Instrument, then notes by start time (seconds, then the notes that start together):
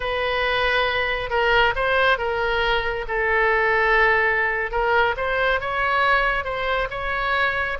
oboe
0.00 B4
1.30 A#4
1.75 C5
2.18 A#4
3.08 A4
4.71 A#4
5.16 C5
5.60 C#5
6.44 C5
6.90 C#5